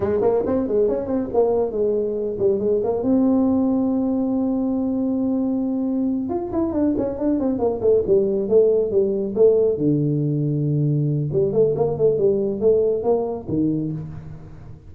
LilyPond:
\new Staff \with { instrumentName = "tuba" } { \time 4/4 \tempo 4 = 138 gis8 ais8 c'8 gis8 cis'8 c'8 ais4 | gis4. g8 gis8 ais8 c'4~ | c'1~ | c'2~ c'8 f'8 e'8 d'8 |
cis'8 d'8 c'8 ais8 a8 g4 a8~ | a8 g4 a4 d4.~ | d2 g8 a8 ais8 a8 | g4 a4 ais4 dis4 | }